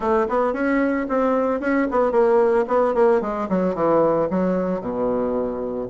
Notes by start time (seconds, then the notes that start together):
0.00 A3
0.28 B3
0.53 C#4
1.09 C4
1.60 C#4
1.90 B3
2.11 A#3
2.67 B3
2.94 A#3
3.21 G#3
3.49 F#3
3.74 E3
4.30 F#3
4.81 B2